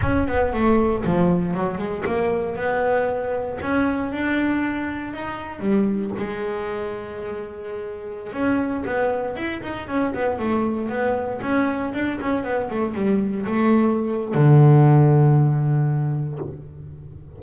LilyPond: \new Staff \with { instrumentName = "double bass" } { \time 4/4 \tempo 4 = 117 cis'8 b8 a4 f4 fis8 gis8 | ais4 b2 cis'4 | d'2 dis'4 g4 | gis1~ |
gis16 cis'4 b4 e'8 dis'8 cis'8 b16~ | b16 a4 b4 cis'4 d'8 cis'16~ | cis'16 b8 a8 g4 a4.~ a16 | d1 | }